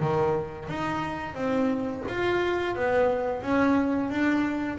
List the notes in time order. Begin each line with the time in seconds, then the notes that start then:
0.00 D#3
0.68 D#4
1.34 C4
2.08 F4
2.75 B3
3.42 C#4
4.09 D4